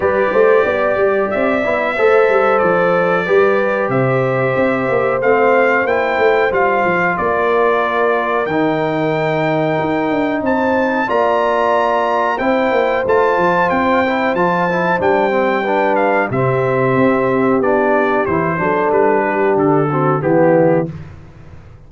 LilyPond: <<
  \new Staff \with { instrumentName = "trumpet" } { \time 4/4 \tempo 4 = 92 d''2 e''2 | d''2 e''2 | f''4 g''4 f''4 d''4~ | d''4 g''2. |
a''4 ais''2 g''4 | a''4 g''4 a''4 g''4~ | g''8 f''8 e''2 d''4 | c''4 b'4 a'4 g'4 | }
  \new Staff \with { instrumentName = "horn" } { \time 4/4 b'8 c''8 d''2 c''4~ | c''4 b'4 c''2~ | c''2. ais'4~ | ais'1 |
c''4 d''2 c''4~ | c''1 | b'4 g'2.~ | g'8 a'4 g'4 fis'8 e'4 | }
  \new Staff \with { instrumentName = "trombone" } { \time 4/4 g'2~ g'8 e'8 a'4~ | a'4 g'2. | c'4 e'4 f'2~ | f'4 dis'2.~ |
dis'4 f'2 e'4 | f'4. e'8 f'8 e'8 d'8 c'8 | d'4 c'2 d'4 | e'8 d'2 c'8 b4 | }
  \new Staff \with { instrumentName = "tuba" } { \time 4/4 g8 a8 b8 g8 c'8 b8 a8 g8 | f4 g4 c4 c'8 ais8 | a4 ais8 a8 g8 f8 ais4~ | ais4 dis2 dis'8 d'8 |
c'4 ais2 c'8 ais8 | a8 f8 c'4 f4 g4~ | g4 c4 c'4 b4 | e8 fis8 g4 d4 e4 | }
>>